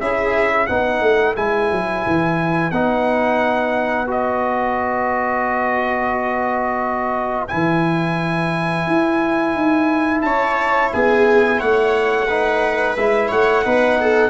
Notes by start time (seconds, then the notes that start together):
0.00 C#4 E4 G#4 E5
0.66 B3 D#4 B4 F#5
1.01 A3
1.36 G#3 E4 G#5
1.72 F#3
2.06 E3
2.71 B3 D#4 F#5
4.07 F#4 D#5
7.48 E3 E4 G#5
8.87 E4
9.55 D#4
10.21 C#4 C#5 A5
10.92 B3 G#4 G#5
11.58 A3 C#5 F#5
12.27 D#4 B4
12.96 G#3 E4 E5
13.28 A3 C#5 F#5
13.64 B3 D#4 B4
14.00 A4